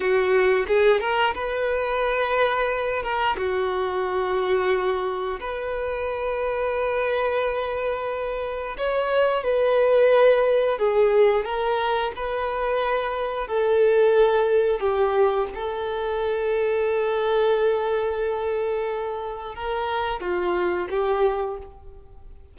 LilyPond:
\new Staff \with { instrumentName = "violin" } { \time 4/4 \tempo 4 = 89 fis'4 gis'8 ais'8 b'2~ | b'8 ais'8 fis'2. | b'1~ | b'4 cis''4 b'2 |
gis'4 ais'4 b'2 | a'2 g'4 a'4~ | a'1~ | a'4 ais'4 f'4 g'4 | }